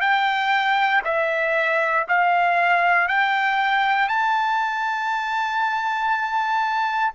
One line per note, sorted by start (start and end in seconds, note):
0.00 1.02 G5
1.04 2.06 E5
2.08 3.08 F5
3.08 4.08 G5
4.08 7.13 A5